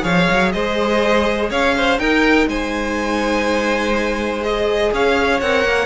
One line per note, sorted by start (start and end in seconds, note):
0.00 0.28 F3
0.00 1.95 G#4
0.00 0.52 C#5
0.00 0.51 F5
0.30 0.54 F#3
0.51 1.50 G#3
0.51 1.50 C5
0.51 1.49 D#5
1.50 1.98 C#4
1.50 1.74 C#5
1.50 1.98 F5
1.76 1.99 C5
1.98 2.46 D#4
1.98 4.41 D#4
1.98 2.48 A#4
1.98 2.47 G5
2.46 4.90 G#3
2.46 4.92 C5
2.46 4.43 G#5
4.41 5.39 G#4
4.41 4.91 D#5
4.93 5.41 C#4
4.93 5.86 C#5
4.93 5.40 F5
5.40 5.64 C4
5.40 5.86 A#4
5.40 5.86 F#5
5.64 5.86 A#3